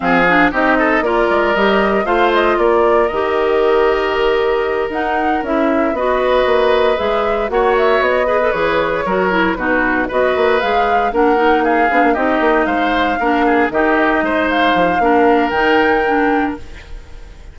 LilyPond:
<<
  \new Staff \with { instrumentName = "flute" } { \time 4/4 \tempo 4 = 116 f''4 dis''4 d''4 dis''4 | f''8 dis''8 d''4 dis''2~ | dis''4. fis''4 e''4 dis''8~ | dis''4. e''4 fis''8 e''8 dis''8~ |
dis''8 cis''2 b'4 dis''8~ | dis''8 f''4 fis''4 f''4 dis''8~ | dis''8 f''2 dis''4. | f''2 g''2 | }
  \new Staff \with { instrumentName = "oboe" } { \time 4/4 gis'4 g'8 a'8 ais'2 | c''4 ais'2.~ | ais'2.~ ais'8 b'8~ | b'2~ b'8 cis''4. |
b'4. ais'4 fis'4 b'8~ | b'4. ais'4 gis'4 g'8~ | g'8 c''4 ais'8 gis'8 g'4 c''8~ | c''4 ais'2. | }
  \new Staff \with { instrumentName = "clarinet" } { \time 4/4 c'8 d'8 dis'4 f'4 g'4 | f'2 g'2~ | g'4. dis'4 e'4 fis'8~ | fis'4. gis'4 fis'4. |
gis'16 a'16 gis'4 fis'8 e'8 dis'4 fis'8~ | fis'8 gis'4 d'8 dis'4 d'8 dis'8~ | dis'4. d'4 dis'4.~ | dis'4 d'4 dis'4 d'4 | }
  \new Staff \with { instrumentName = "bassoon" } { \time 4/4 f4 c'4 ais8 gis8 g4 | a4 ais4 dis2~ | dis4. dis'4 cis'4 b8~ | b8 ais4 gis4 ais4 b8~ |
b8 e4 fis4 b,4 b8 | ais8 gis4 ais4. b16 ais16 c'8 | ais8 gis4 ais4 dis4 gis8~ | gis8 f8 ais4 dis2 | }
>>